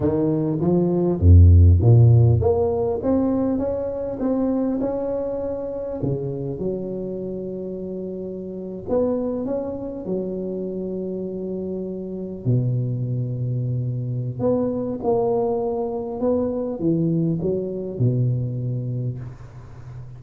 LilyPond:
\new Staff \with { instrumentName = "tuba" } { \time 4/4 \tempo 4 = 100 dis4 f4 f,4 ais,4 | ais4 c'4 cis'4 c'4 | cis'2 cis4 fis4~ | fis2~ fis8. b4 cis'16~ |
cis'8. fis2.~ fis16~ | fis8. b,2.~ b,16 | b4 ais2 b4 | e4 fis4 b,2 | }